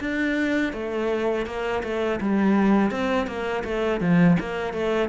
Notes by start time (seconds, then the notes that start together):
0.00 D4
0.73 A3
1.46 A#3
1.83 A3
2.20 G3
2.91 C4
3.27 A#3
3.64 A3
4.00 F3
4.40 A#3
4.73 A3